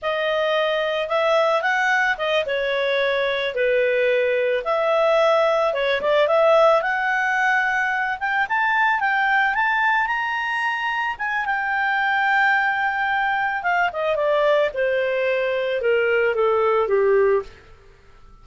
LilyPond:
\new Staff \with { instrumentName = "clarinet" } { \time 4/4 \tempo 4 = 110 dis''2 e''4 fis''4 | dis''8 cis''2 b'4.~ | b'8 e''2 cis''8 d''8 e''8~ | e''8 fis''2~ fis''8 g''8 a''8~ |
a''8 g''4 a''4 ais''4.~ | ais''8 gis''8 g''2.~ | g''4 f''8 dis''8 d''4 c''4~ | c''4 ais'4 a'4 g'4 | }